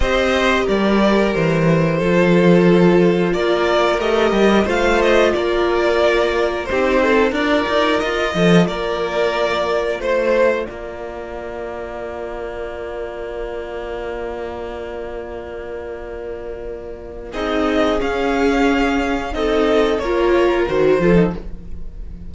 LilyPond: <<
  \new Staff \with { instrumentName = "violin" } { \time 4/4 \tempo 4 = 90 dis''4 d''4 c''2~ | c''4 d''4 dis''4 f''8 dis''8 | d''2 c''4 d''4 | dis''4 d''2 c''4 |
d''1~ | d''1~ | d''2 dis''4 f''4~ | f''4 dis''4 cis''4 c''4 | }
  \new Staff \with { instrumentName = "violin" } { \time 4/4 c''4 ais'2 a'4~ | a'4 ais'2 c''4 | ais'2 g'8 a'8 ais'4~ | ais'8 a'8 ais'2 c''4 |
ais'1~ | ais'1~ | ais'2 gis'2~ | gis'4 a'4 ais'4. a'8 | }
  \new Staff \with { instrumentName = "viola" } { \time 4/4 g'2. f'4~ | f'2 g'4 f'4~ | f'2 dis'4 f'4~ | f'1~ |
f'1~ | f'1~ | f'2 dis'4 cis'4~ | cis'4 dis'4 f'4 fis'8 f'16 dis'16 | }
  \new Staff \with { instrumentName = "cello" } { \time 4/4 c'4 g4 e4 f4~ | f4 ais4 a8 g8 a4 | ais2 c'4 d'8 dis'8 | f'8 f8 ais2 a4 |
ais1~ | ais1~ | ais2 c'4 cis'4~ | cis'4 c'4 ais4 dis8 f8 | }
>>